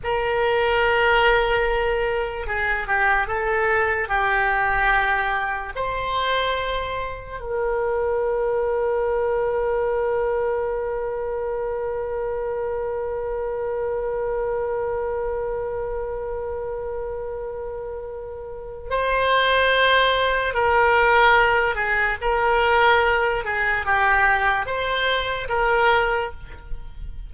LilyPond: \new Staff \with { instrumentName = "oboe" } { \time 4/4 \tempo 4 = 73 ais'2. gis'8 g'8 | a'4 g'2 c''4~ | c''4 ais'2.~ | ais'1~ |
ais'1~ | ais'2. c''4~ | c''4 ais'4. gis'8 ais'4~ | ais'8 gis'8 g'4 c''4 ais'4 | }